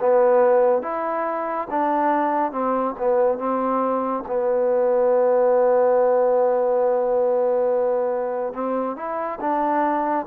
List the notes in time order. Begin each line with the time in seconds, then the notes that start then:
0.00 B3
0.83 E4
1.70 D4
2.52 C4
2.98 B3
3.39 C4
4.27 B3
8.54 C4
8.96 E4
9.41 D4